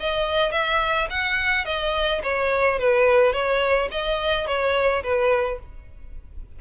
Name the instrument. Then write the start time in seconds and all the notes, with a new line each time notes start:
violin
0.00 D#5
0.51 E5
1.10 F#5
1.65 D#5
2.23 C#5
2.79 B4
3.33 C#5
3.91 D#5
4.47 C#5
5.03 B4